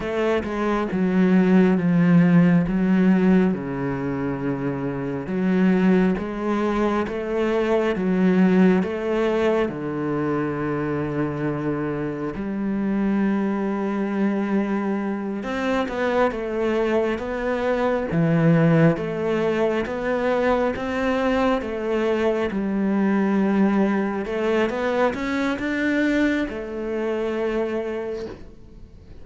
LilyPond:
\new Staff \with { instrumentName = "cello" } { \time 4/4 \tempo 4 = 68 a8 gis8 fis4 f4 fis4 | cis2 fis4 gis4 | a4 fis4 a4 d4~ | d2 g2~ |
g4. c'8 b8 a4 b8~ | b8 e4 a4 b4 c'8~ | c'8 a4 g2 a8 | b8 cis'8 d'4 a2 | }